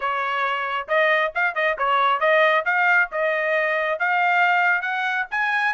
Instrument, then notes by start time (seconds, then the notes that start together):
trumpet
0.00 C#5
0.88 D#5
1.35 F5
1.54 D#5
1.78 C#5
2.20 D#5
2.65 F5
3.11 D#5
3.99 F5
4.81 F#5
5.30 G#5